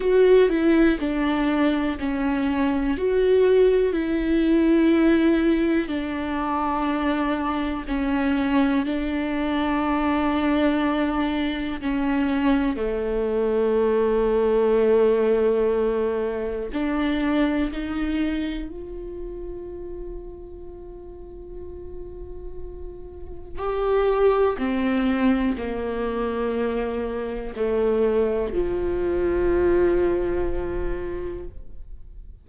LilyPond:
\new Staff \with { instrumentName = "viola" } { \time 4/4 \tempo 4 = 61 fis'8 e'8 d'4 cis'4 fis'4 | e'2 d'2 | cis'4 d'2. | cis'4 a2.~ |
a4 d'4 dis'4 f'4~ | f'1 | g'4 c'4 ais2 | a4 f2. | }